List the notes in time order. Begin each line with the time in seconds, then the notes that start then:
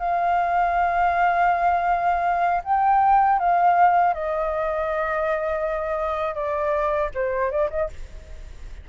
0.00 F5
2.64 G5
3.40 F5
4.14 D#5
6.35 D5
7.15 C5
7.51 D5
7.71 D#5